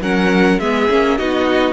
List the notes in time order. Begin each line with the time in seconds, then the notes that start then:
0.00 F#3 C#4 A#4 F#5
0.59 G#3 B3 G#4 E5
0.89 A#3 C#4
1.17 B3 D#4 F#4 D#5